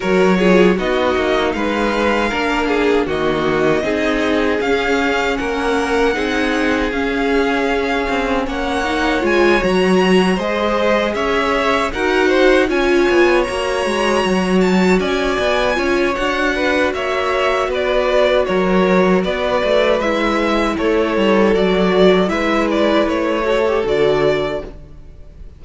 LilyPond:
<<
  \new Staff \with { instrumentName = "violin" } { \time 4/4 \tempo 4 = 78 cis''4 dis''4 f''2 | dis''2 f''4 fis''4~ | fis''4 f''2 fis''4 | gis''8 ais''4 dis''4 e''4 fis''8~ |
fis''8 gis''4 ais''4. a''8 gis''8~ | gis''4 fis''4 e''4 d''4 | cis''4 d''4 e''4 cis''4 | d''4 e''8 d''8 cis''4 d''4 | }
  \new Staff \with { instrumentName = "violin" } { \time 4/4 ais'8 gis'8 fis'4 b'4 ais'8 gis'8 | fis'4 gis'2 ais'4 | gis'2. cis''4~ | cis''4. c''4 cis''4 ais'8 |
c''8 cis''2. d''8~ | d''8 cis''4 b'8 cis''4 b'4 | ais'4 b'2 a'4~ | a'4 b'4. a'4. | }
  \new Staff \with { instrumentName = "viola" } { \time 4/4 fis'8 f'8 dis'2 d'4 | ais4 dis'4 cis'2 | dis'4 cis'2~ cis'8 dis'8 | f'8 fis'4 gis'2 fis'8~ |
fis'8 f'4 fis'2~ fis'8~ | fis'8 f'8 fis'2.~ | fis'2 e'2 | fis'4 e'4. fis'16 g'16 fis'4 | }
  \new Staff \with { instrumentName = "cello" } { \time 4/4 fis4 b8 ais8 gis4 ais4 | dis4 c'4 cis'4 ais4 | c'4 cis'4. c'8 ais4 | gis8 fis4 gis4 cis'4 dis'8~ |
dis'8 cis'8 b8 ais8 gis8 fis4 cis'8 | b8 cis'8 d'4 ais4 b4 | fis4 b8 a8 gis4 a8 g8 | fis4 gis4 a4 d4 | }
>>